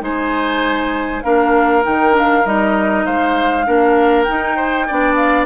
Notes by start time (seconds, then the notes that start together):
0.00 G#3 D#4 C5 G#5
1.22 A#3 D4 A#4 F5
1.83 D#3 D#4 G5
2.11 D4
2.18 F5
2.45 G3 D#4 D#5
3.05 G#3 C5 F5
3.65 A#3 D4 A#4
4.23 D#4 G5
4.30 D#4
4.56 C5
4.87 B3 D4 D5
5.15 F5